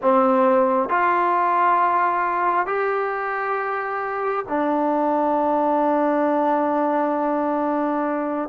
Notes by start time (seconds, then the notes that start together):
0.02 C4
0.89 F4
2.66 G4
4.48 D4